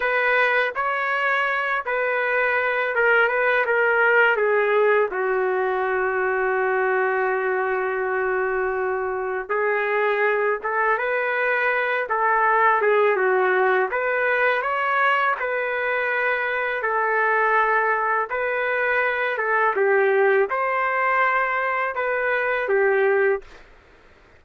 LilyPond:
\new Staff \with { instrumentName = "trumpet" } { \time 4/4 \tempo 4 = 82 b'4 cis''4. b'4. | ais'8 b'8 ais'4 gis'4 fis'4~ | fis'1~ | fis'4 gis'4. a'8 b'4~ |
b'8 a'4 gis'8 fis'4 b'4 | cis''4 b'2 a'4~ | a'4 b'4. a'8 g'4 | c''2 b'4 g'4 | }